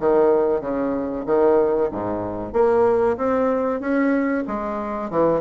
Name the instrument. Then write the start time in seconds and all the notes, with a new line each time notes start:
bassoon
0.00 D#3
0.62 C#3
1.26 D#3
1.91 G#2
2.53 A#3
3.18 C4
3.81 C#4
4.48 G#3
5.11 E3